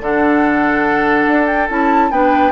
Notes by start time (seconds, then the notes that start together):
0.00 D3 D4 A4 F#5
1.27 D4
1.47 G5
1.69 C#4 E4 A5
2.11 B3 D4 B4 G5